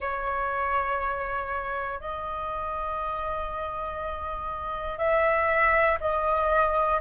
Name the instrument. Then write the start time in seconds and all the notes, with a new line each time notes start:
flute
0.00 C#5
2.00 D#5
4.98 E5
6.00 D#5